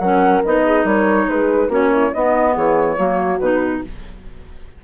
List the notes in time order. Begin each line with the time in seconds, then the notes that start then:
0.00 F#3 C#4 A#4 F#5
0.45 B3 D#4 D#5
0.65 G#4
0.85 G3 A#4 C#5
1.29 G#3 G#4 B4
1.69 A#3 C#4 F#4 C#5
1.92 E4
2.14 B3 D#4 D#5
2.54 E3 G#4 C#5
2.97 F#3 A#3 F#4
3.39 B2 D#4 B4